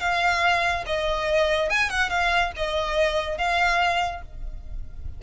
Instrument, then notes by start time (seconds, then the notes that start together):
violin
0.00 F5
0.86 D#5
1.70 G#5
1.90 F#5
2.09 F5
2.56 D#5
3.38 F5